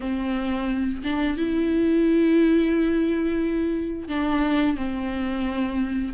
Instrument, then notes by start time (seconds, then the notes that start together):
viola
0.00 C4
1.03 D4
1.37 E4
4.08 D4
4.76 C4